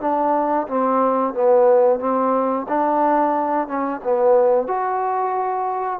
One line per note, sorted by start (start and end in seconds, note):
0.00 0.67 D4
0.68 1.34 C4
1.34 1.99 B3
1.99 2.66 C4
2.68 3.67 D4
3.67 4.01 C#4
4.03 4.67 B3
4.67 6.00 F#4